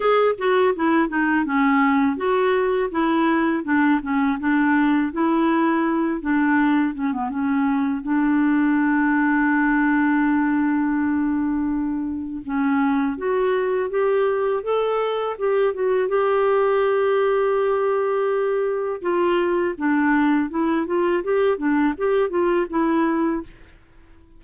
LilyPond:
\new Staff \with { instrumentName = "clarinet" } { \time 4/4 \tempo 4 = 82 gis'8 fis'8 e'8 dis'8 cis'4 fis'4 | e'4 d'8 cis'8 d'4 e'4~ | e'8 d'4 cis'16 b16 cis'4 d'4~ | d'1~ |
d'4 cis'4 fis'4 g'4 | a'4 g'8 fis'8 g'2~ | g'2 f'4 d'4 | e'8 f'8 g'8 d'8 g'8 f'8 e'4 | }